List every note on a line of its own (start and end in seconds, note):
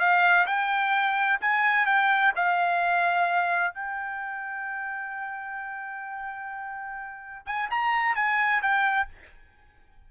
0.00 0.47 F5
0.47 1.40 G5
1.41 1.86 G#5
1.86 2.33 G5
2.36 3.75 F5
3.75 7.47 G5
7.47 7.70 G#5
7.71 8.16 A#5
8.16 8.62 G#5
8.63 9.09 G5